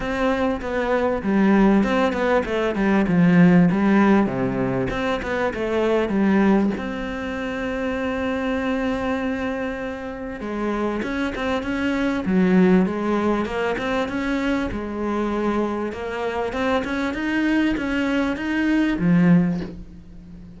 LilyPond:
\new Staff \with { instrumentName = "cello" } { \time 4/4 \tempo 4 = 98 c'4 b4 g4 c'8 b8 | a8 g8 f4 g4 c4 | c'8 b8 a4 g4 c'4~ | c'1~ |
c'4 gis4 cis'8 c'8 cis'4 | fis4 gis4 ais8 c'8 cis'4 | gis2 ais4 c'8 cis'8 | dis'4 cis'4 dis'4 f4 | }